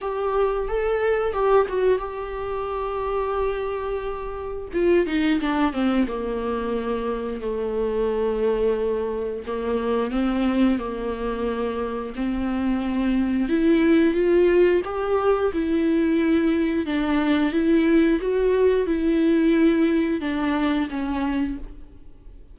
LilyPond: \new Staff \with { instrumentName = "viola" } { \time 4/4 \tempo 4 = 89 g'4 a'4 g'8 fis'8 g'4~ | g'2. f'8 dis'8 | d'8 c'8 ais2 a4~ | a2 ais4 c'4 |
ais2 c'2 | e'4 f'4 g'4 e'4~ | e'4 d'4 e'4 fis'4 | e'2 d'4 cis'4 | }